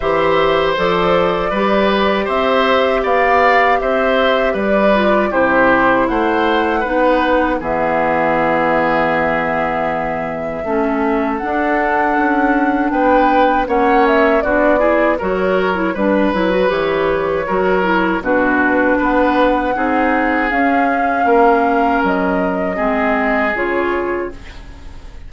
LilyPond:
<<
  \new Staff \with { instrumentName = "flute" } { \time 4/4 \tempo 4 = 79 e''4 d''2 e''4 | f''4 e''4 d''4 c''4 | fis''2 e''2~ | e''2. fis''4~ |
fis''4 g''4 fis''8 e''8 d''4 | cis''4 b'4 cis''2 | b'4 fis''2 f''4~ | f''4 dis''2 cis''4 | }
  \new Staff \with { instrumentName = "oboe" } { \time 4/4 c''2 b'4 c''4 | d''4 c''4 b'4 g'4 | c''4 b'4 gis'2~ | gis'2 a'2~ |
a'4 b'4 cis''4 fis'8 gis'8 | ais'4 b'2 ais'4 | fis'4 b'4 gis'2 | ais'2 gis'2 | }
  \new Staff \with { instrumentName = "clarinet" } { \time 4/4 g'4 a'4 g'2~ | g'2~ g'8 f'8 e'4~ | e'4 dis'4 b2~ | b2 cis'4 d'4~ |
d'2 cis'4 d'8 e'8 | fis'8. e'16 d'8 e'16 fis'16 g'4 fis'8 e'8 | d'2 dis'4 cis'4~ | cis'2 c'4 f'4 | }
  \new Staff \with { instrumentName = "bassoon" } { \time 4/4 e4 f4 g4 c'4 | b4 c'4 g4 c4 | a4 b4 e2~ | e2 a4 d'4 |
cis'4 b4 ais4 b4 | fis4 g8 fis8 e4 fis4 | b,4 b4 c'4 cis'4 | ais4 fis4 gis4 cis4 | }
>>